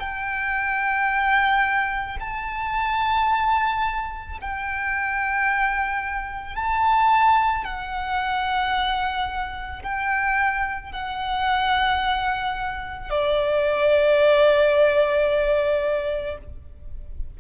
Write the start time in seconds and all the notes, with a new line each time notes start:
0.00 G5
2.21 A5
4.42 G5
6.56 A5
7.65 F#5
9.83 G5
10.92 F#5
13.11 D5